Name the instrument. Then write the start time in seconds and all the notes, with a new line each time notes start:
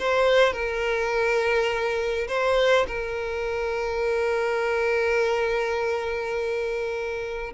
violin
0.00 C5
0.53 A#4
2.28 C5
2.87 A#4